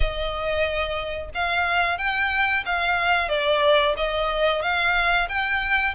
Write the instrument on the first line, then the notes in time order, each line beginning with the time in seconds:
violin
0.00 D#5
1.34 F5
1.98 G5
2.65 F5
3.28 D5
3.96 D#5
4.62 F5
5.28 G5